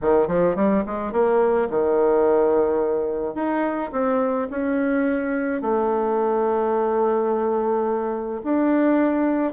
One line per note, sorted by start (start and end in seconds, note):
0.01 0.27 D#3
0.27 0.55 F3
0.55 0.83 G3
0.86 1.12 G#3
1.12 1.68 A#3
1.69 3.34 D#3
3.34 3.90 D#4
3.92 4.48 C4
4.50 5.61 C#4
5.61 8.41 A3
8.43 9.52 D4